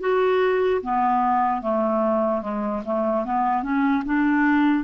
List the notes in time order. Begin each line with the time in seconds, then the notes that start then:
0.00 F#4
0.82 B3
1.61 A3
2.42 G#3
2.85 A3
3.25 B3
3.63 C#4
4.05 D4